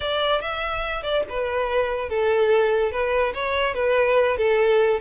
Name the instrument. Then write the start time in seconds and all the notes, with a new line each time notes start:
violin
0.00 D5
0.41 E5
1.02 D5
1.29 B4
2.09 A4
2.91 B4
3.34 C#5
3.74 B4
4.37 A4